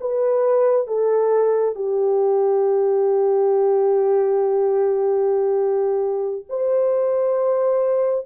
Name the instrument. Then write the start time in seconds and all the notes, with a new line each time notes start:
horn
0.00 B4
0.87 A4
1.75 G4
6.48 C5